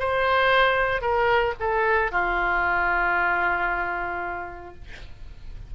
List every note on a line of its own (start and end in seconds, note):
0.00 1.02 C5
1.02 1.54 A#4
1.60 2.12 A4
2.12 4.75 F4